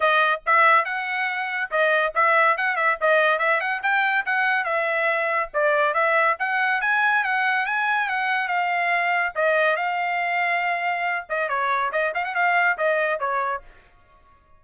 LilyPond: \new Staff \with { instrumentName = "trumpet" } { \time 4/4 \tempo 4 = 141 dis''4 e''4 fis''2 | dis''4 e''4 fis''8 e''8 dis''4 | e''8 fis''8 g''4 fis''4 e''4~ | e''4 d''4 e''4 fis''4 |
gis''4 fis''4 gis''4 fis''4 | f''2 dis''4 f''4~ | f''2~ f''8 dis''8 cis''4 | dis''8 f''16 fis''16 f''4 dis''4 cis''4 | }